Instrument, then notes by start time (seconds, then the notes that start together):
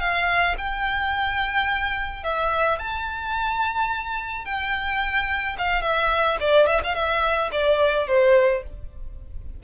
violin
0.00 F5
0.58 G5
2.23 E5
2.79 A5
4.45 G5
5.58 F5
5.82 E5
6.40 D5
6.66 E5
6.84 F5
6.95 E5
7.52 D5
8.07 C5